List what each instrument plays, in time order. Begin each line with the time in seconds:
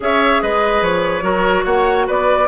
0.00 bassoon C#4, clarinet G#4, oboe C#5, flute E5
0.41 bassoon G#3, oboe B4, flute D#5
0.81 bassoon F3, flute C#5
1.21 bassoon F#3, clarinet F#4, oboe A#4
1.64 bassoon A#3, oboe C#5, flute F#5
2.06 bassoon B3, oboe B4, flute D5